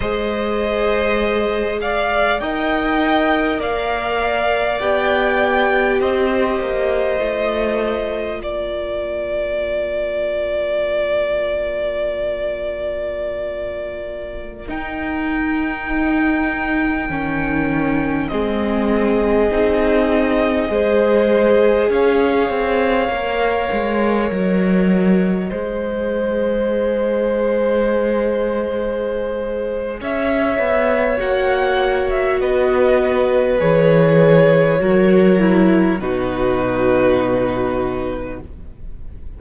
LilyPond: <<
  \new Staff \with { instrumentName = "violin" } { \time 4/4 \tempo 4 = 50 dis''4. f''8 g''4 f''4 | g''4 dis''2 d''4~ | d''1~ | d''16 g''2. dis''8.~ |
dis''2~ dis''16 f''4.~ f''16~ | f''16 dis''2.~ dis''8.~ | dis''4 e''4 fis''8. e''16 dis''4 | cis''2 b'2 | }
  \new Staff \with { instrumentName = "violin" } { \time 4/4 c''4. d''8 dis''4 d''4~ | d''4 c''2 ais'4~ | ais'1~ | ais'2.~ ais'16 gis'8.~ |
gis'4~ gis'16 c''4 cis''4.~ cis''16~ | cis''4~ cis''16 c''2~ c''8.~ | c''4 cis''2 b'4~ | b'4 ais'4 fis'2 | }
  \new Staff \with { instrumentName = "viola" } { \time 4/4 gis'2 ais'2 | g'2 f'2~ | f'1~ | f'16 dis'2 cis'4 c'8.~ |
c'16 dis'4 gis'2 ais'8.~ | ais'4~ ais'16 gis'2~ gis'8.~ | gis'2 fis'2 | gis'4 fis'8 e'8 dis'2 | }
  \new Staff \with { instrumentName = "cello" } { \time 4/4 gis2 dis'4 ais4 | b4 c'8 ais8 a4 ais4~ | ais1~ | ais16 dis'2 dis4 gis8.~ |
gis16 c'4 gis4 cis'8 c'8 ais8 gis16~ | gis16 fis4 gis2~ gis8.~ | gis4 cis'8 b8 ais4 b4 | e4 fis4 b,2 | }
>>